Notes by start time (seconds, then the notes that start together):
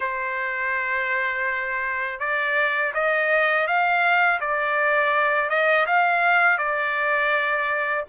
0.00 C5
2.19 D5
2.94 D#5
3.67 F5
4.40 D5
5.49 D#5
5.86 F5
6.58 D5